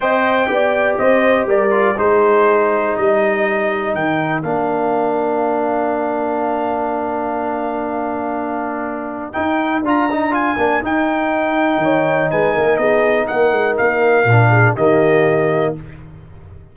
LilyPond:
<<
  \new Staff \with { instrumentName = "trumpet" } { \time 4/4 \tempo 4 = 122 g''2 dis''4 d''4 | c''2 dis''2 | g''4 f''2.~ | f''1~ |
f''2. g''4 | ais''4 gis''4 g''2~ | g''4 gis''4 dis''4 fis''4 | f''2 dis''2 | }
  \new Staff \with { instrumentName = "horn" } { \time 4/4 dis''4 d''4 c''4 ais'4 | gis'2 ais'2~ | ais'1~ | ais'1~ |
ais'1~ | ais'1 | cis''4 b'8 ais'8 gis'4 ais'4~ | ais'4. gis'8 g'2 | }
  \new Staff \with { instrumentName = "trombone" } { \time 4/4 c''4 g'2~ g'8 f'8 | dis'1~ | dis'4 d'2.~ | d'1~ |
d'2. dis'4 | f'8 dis'8 f'8 d'8 dis'2~ | dis'1~ | dis'4 d'4 ais2 | }
  \new Staff \with { instrumentName = "tuba" } { \time 4/4 c'4 b4 c'4 g4 | gis2 g2 | dis4 ais2.~ | ais1~ |
ais2. dis'4 | d'4. ais8 dis'2 | dis4 gis8 ais8 b4 ais8 gis8 | ais4 ais,4 dis2 | }
>>